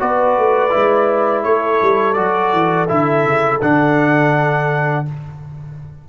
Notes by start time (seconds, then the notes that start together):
0.00 B3 F#4 B4 D5
0.38 A3
0.70 G#3 E4
1.44 A3 A4 C#5
1.82 G3
2.14 F#3 F#4 D5
2.53 E3
2.89 D3 E4 E5
3.25 C#3
3.61 D3 D4 F#5